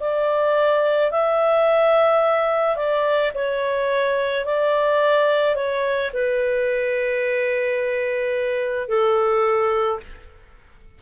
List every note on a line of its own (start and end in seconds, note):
0.00 1.11 D5
1.11 2.76 E5
2.76 3.31 D5
3.34 4.45 C#5
4.45 5.55 D5
5.55 6.11 C#5
6.14 8.88 B4
8.88 9.99 A4